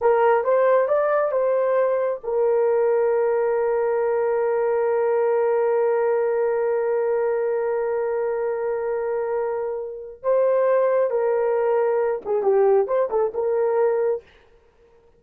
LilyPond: \new Staff \with { instrumentName = "horn" } { \time 4/4 \tempo 4 = 135 ais'4 c''4 d''4 c''4~ | c''4 ais'2.~ | ais'1~ | ais'1~ |
ais'1~ | ais'2. c''4~ | c''4 ais'2~ ais'8 gis'8 | g'4 c''8 a'8 ais'2 | }